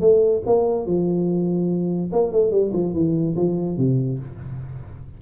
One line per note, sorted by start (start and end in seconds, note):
0.00 0.42 A3
0.46 0.86 A#3
0.86 2.11 F3
2.12 2.32 A#3
2.32 2.51 A3
2.51 2.71 G3
2.73 2.93 F3
2.93 3.35 E3
3.36 3.77 F3
3.77 4.18 C3